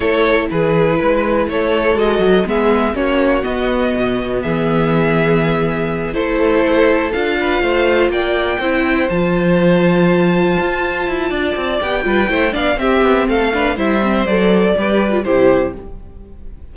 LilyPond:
<<
  \new Staff \with { instrumentName = "violin" } { \time 4/4 \tempo 4 = 122 cis''4 b'2 cis''4 | dis''4 e''4 cis''4 dis''4~ | dis''4 e''2.~ | e''8 c''2 f''4.~ |
f''8 g''2 a''4.~ | a''1 | g''4. f''8 e''4 f''4 | e''4 d''2 c''4 | }
  \new Staff \with { instrumentName = "violin" } { \time 4/4 a'4 gis'4 b'4 a'4~ | a'4 gis'4 fis'2~ | fis'4 gis'2.~ | gis'8 a'2~ a'8 b'8 c''8~ |
c''8 d''4 c''2~ c''8~ | c''2. d''4~ | d''8 b'8 c''8 d''8 g'4 a'8 b'8 | c''2 b'4 g'4 | }
  \new Staff \with { instrumentName = "viola" } { \time 4/4 e'1 | fis'4 b4 cis'4 b4~ | b1~ | b8 e'2 f'4.~ |
f'4. e'4 f'4.~ | f'1 | g'8 f'8 e'8 d'8 c'4. d'8 | e'8 c'8 a'4 g'8. f'16 e'4 | }
  \new Staff \with { instrumentName = "cello" } { \time 4/4 a4 e4 gis4 a4 | gis8 fis8 gis4 ais4 b4 | b,4 e2.~ | e8 a2 d'4 a8~ |
a8 ais4 c'4 f4.~ | f4. f'4 e'8 d'8 c'8 | b8 g8 a8 b8 c'8 b8 a4 | g4 fis4 g4 c4 | }
>>